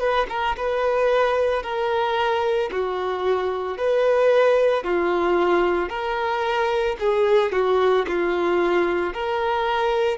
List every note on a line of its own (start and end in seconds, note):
0.00 0.27 B4
0.29 0.56 A#4
0.57 1.63 B4
1.63 2.70 A#4
2.72 3.77 F#4
3.77 4.84 B4
4.84 5.89 F4
5.89 6.96 A#4
7.00 7.52 G#4
7.52 8.06 F#4
8.08 9.14 F4
9.14 10.18 A#4